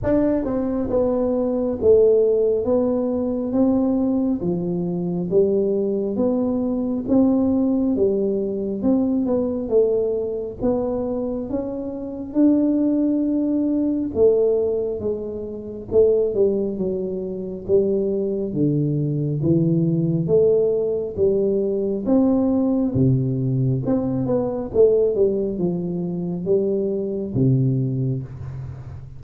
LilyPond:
\new Staff \with { instrumentName = "tuba" } { \time 4/4 \tempo 4 = 68 d'8 c'8 b4 a4 b4 | c'4 f4 g4 b4 | c'4 g4 c'8 b8 a4 | b4 cis'4 d'2 |
a4 gis4 a8 g8 fis4 | g4 d4 e4 a4 | g4 c'4 c4 c'8 b8 | a8 g8 f4 g4 c4 | }